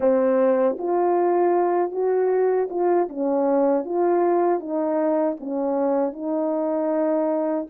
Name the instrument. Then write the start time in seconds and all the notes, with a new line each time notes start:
horn
0.00 C4
0.78 F4
1.91 F#4
2.70 F4
3.08 C#4
3.85 F4
4.60 D#4
5.40 C#4
6.13 D#4